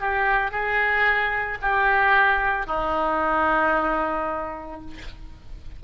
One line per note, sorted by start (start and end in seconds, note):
0.00 0.51 G4
0.51 1.58 G#4
1.61 2.66 G4
2.66 4.80 D#4